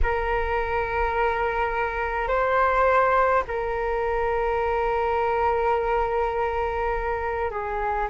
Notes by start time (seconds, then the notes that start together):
0.03 A#4
2.28 C5
3.47 A#4
7.50 G#4